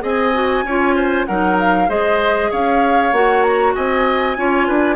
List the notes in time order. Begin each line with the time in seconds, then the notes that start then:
0.00 C4 G#4 D#5 G#5
0.33 F#4
0.63 C#4 F4 C#5
0.95 C5
1.25 F#3 D#4 A#4 F#5
1.59 F5
1.87 G#3 G#4 C5 D#5
2.50 C#4 C#5 F5
3.12 A#3 F#4 F#5
3.42 A#5
3.74 C4 D#5 G#5
4.36 C#4 F4 C#5
4.67 D4 B4